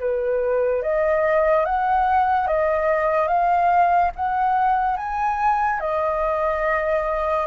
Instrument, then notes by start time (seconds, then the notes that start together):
flute
0.00 B4
0.83 D#5
1.66 F#5
2.48 D#5
3.28 F5
4.16 F#5
4.97 G#5
5.81 D#5